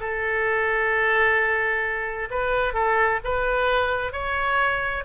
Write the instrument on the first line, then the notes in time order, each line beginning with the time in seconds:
oboe
0.00 A4
2.30 B4
2.74 A4
3.24 B4
4.12 C#5